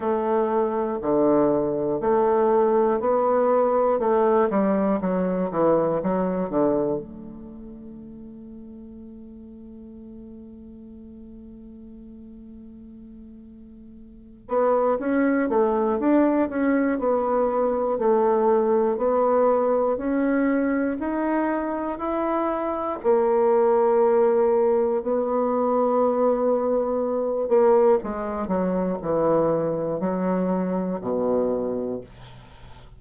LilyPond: \new Staff \with { instrumentName = "bassoon" } { \time 4/4 \tempo 4 = 60 a4 d4 a4 b4 | a8 g8 fis8 e8 fis8 d8 a4~ | a1~ | a2~ a8 b8 cis'8 a8 |
d'8 cis'8 b4 a4 b4 | cis'4 dis'4 e'4 ais4~ | ais4 b2~ b8 ais8 | gis8 fis8 e4 fis4 b,4 | }